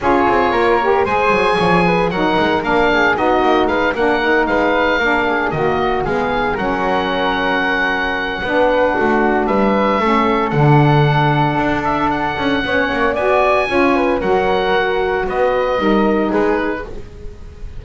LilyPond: <<
  \new Staff \with { instrumentName = "oboe" } { \time 4/4 \tempo 4 = 114 cis''2 gis''2 | fis''4 f''4 dis''4 f''8 fis''8~ | fis''8 f''2 dis''4 f''8~ | f''8 fis''2.~ fis''8~ |
fis''2 e''2 | fis''2~ fis''8 e''8 fis''4~ | fis''4 gis''2 fis''4~ | fis''4 dis''2 b'4 | }
  \new Staff \with { instrumentName = "flute" } { \time 4/4 gis'4 ais'4 c''4 cis''8 b'8 | ais'4. gis'8 fis'4 b'8 ais'8~ | ais'8 b'4 ais'8 gis'8 fis'4 gis'8~ | gis'8 ais'2.~ ais'8 |
b'4 fis'4 b'4 a'4~ | a'1 | cis''4 d''4 cis''8 b'8 ais'4~ | ais'4 b'4 ais'4 gis'4 | }
  \new Staff \with { instrumentName = "saxophone" } { \time 4/4 f'4. g'8 gis'2 | dis'4 d'4 dis'4. d'8 | dis'4. d'4 ais4 b8~ | b8 cis'2.~ cis'8 |
d'2. cis'4 | d'1 | cis'4 fis'4 f'4 fis'4~ | fis'2 dis'2 | }
  \new Staff \with { instrumentName = "double bass" } { \time 4/4 cis'8 c'8 ais4 gis8 fis8 f4 | fis8 gis8 ais4 b8 ais8 gis8 ais8~ | ais8 gis4 ais4 dis4 gis8~ | gis8 fis2.~ fis8 |
b4 a4 g4 a4 | d2 d'4. cis'8 | b8 ais8 b4 cis'4 fis4~ | fis4 b4 g4 gis4 | }
>>